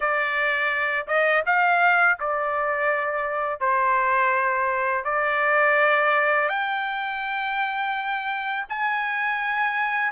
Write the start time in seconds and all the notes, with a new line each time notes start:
0.00 D5
1.06 D#5
1.46 F5
2.19 D5
3.59 C5
5.04 D5
6.48 G5
8.69 G#5